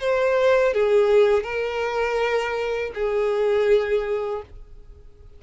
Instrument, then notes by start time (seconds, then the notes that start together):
violin
0.00 C5
0.74 G#4
1.43 A#4
2.94 G#4